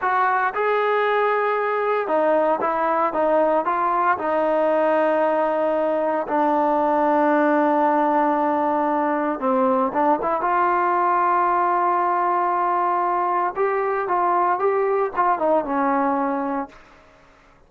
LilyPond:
\new Staff \with { instrumentName = "trombone" } { \time 4/4 \tempo 4 = 115 fis'4 gis'2. | dis'4 e'4 dis'4 f'4 | dis'1 | d'1~ |
d'2 c'4 d'8 e'8 | f'1~ | f'2 g'4 f'4 | g'4 f'8 dis'8 cis'2 | }